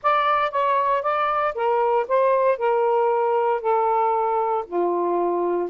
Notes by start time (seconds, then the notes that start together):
0.02 D5
0.51 C#5
1.02 D5
1.54 A#4
2.08 C5
2.58 A#4
3.61 A4
4.66 F4